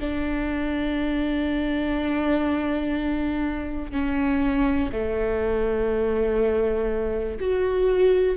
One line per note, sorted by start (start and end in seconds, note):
0.00 3.92 D4
3.92 4.90 C#4
4.92 7.38 A3
7.40 8.37 F#4